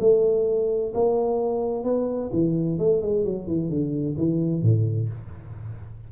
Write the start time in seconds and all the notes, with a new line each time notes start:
0.00 A3
0.94 A#3
1.84 B3
2.33 E3
2.79 A3
3.02 G#3
3.25 F#3
3.47 E3
3.70 D3
4.18 E3
4.63 A2